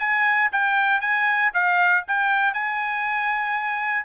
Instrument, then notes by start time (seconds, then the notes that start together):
trumpet
0.00 G#5
0.52 G5
1.01 G#5
1.54 F5
2.08 G5
2.54 G#5